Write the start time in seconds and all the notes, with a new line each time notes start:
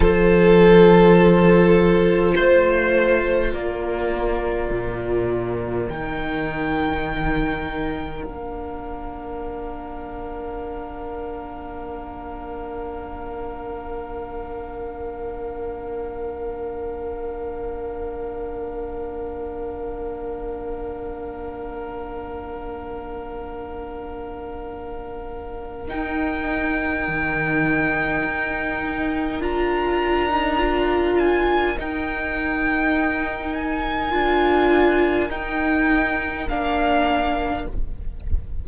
0.00 F3 F4 A4 C5
2.35 A3 C5
3.52 A#3 A#4 D5
4.71 A#2
5.88 D#3 D#4 G5
8.22 A#3 D4 F5
25.88 D#4 G5
27.07 D#3
28.23 D#4
29.39 D4 F4 A#5
30.28 D#4
30.58 F4
31.18 G#5
31.76 D#4 G5
33.54 G#5
34.11 D4 F4
35.29 D#4 G5
36.48 A#3 D4 F5